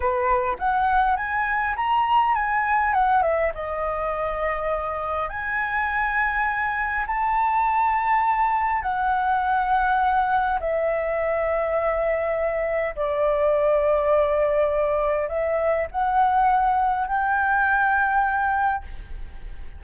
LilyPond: \new Staff \with { instrumentName = "flute" } { \time 4/4 \tempo 4 = 102 b'4 fis''4 gis''4 ais''4 | gis''4 fis''8 e''8 dis''2~ | dis''4 gis''2. | a''2. fis''4~ |
fis''2 e''2~ | e''2 d''2~ | d''2 e''4 fis''4~ | fis''4 g''2. | }